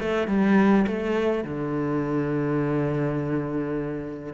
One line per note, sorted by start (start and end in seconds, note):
0.00 0.28 A3
0.28 0.86 G3
0.87 1.45 A3
1.45 4.34 D3